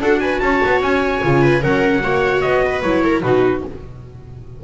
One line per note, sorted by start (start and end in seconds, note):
0.00 0.40 D4
0.00 1.23 F#4
0.00 0.21 A4
0.00 0.19 F#5
0.19 0.41 B4
0.19 0.39 G#5
0.39 0.62 C#4
0.39 1.41 C#5
0.39 0.80 A5
0.65 0.81 B3
0.81 1.21 C#4
0.81 1.62 G#5
1.23 1.64 C#3
1.23 1.60 F4
1.41 1.61 B4
1.60 2.03 F#3
1.60 2.00 C#4
1.60 2.02 A#4
1.60 2.41 F#5
2.02 2.43 A#3
2.02 2.83 F#4
2.02 2.63 C#5
2.41 2.83 B3
2.41 2.81 D#5
2.65 3.04 B4
2.81 3.23 F#3
2.81 3.23 E4
2.81 3.21 C#5
3.04 3.23 A#4
3.22 3.63 B2
3.22 3.64 D#4
3.22 3.64 F#4
3.22 3.62 B4